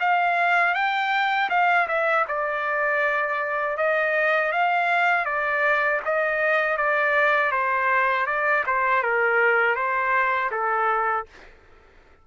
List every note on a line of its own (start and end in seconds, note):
0.00 0.74 F5
0.74 1.49 G5
1.50 1.87 F5
1.88 2.25 E5
2.28 3.77 D5
3.77 4.52 D#5
4.52 5.25 F5
5.25 6.00 D5
6.05 6.77 D#5
6.77 7.51 D5
7.51 8.26 C5
8.26 8.64 D5
8.66 9.03 C5
9.03 9.75 A#4
9.75 10.50 C5
10.51 11.26 A4